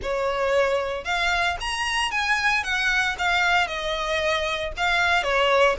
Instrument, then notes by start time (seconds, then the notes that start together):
violin
0.02 C#5
1.04 F5
1.60 A#5
2.11 G#5
2.63 F#5
3.18 F5
3.67 D#5
4.76 F5
5.23 C#5